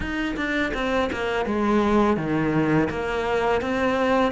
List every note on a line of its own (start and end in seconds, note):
0.00 0.35 D#4
0.36 0.72 D4
0.74 1.10 C4
1.12 1.45 A#3
1.45 2.16 G#3
2.16 2.88 D#3
2.89 3.61 A#3
3.61 4.31 C4